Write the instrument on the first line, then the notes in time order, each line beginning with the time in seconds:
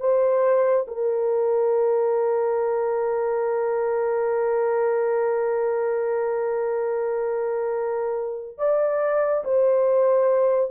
horn
0.00 C5
0.88 A#4
8.58 D5
9.44 C5